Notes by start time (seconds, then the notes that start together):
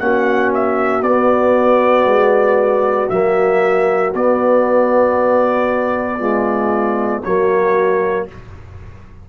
0.00 A#3 C#4 F#4 F#5
0.54 E5
1.03 B3 D5
2.05 G#3
3.10 F#3 A#3 E5
4.14 B3 D5
6.19 G#3 F4
7.24 F#3 A#3 F#4 C#5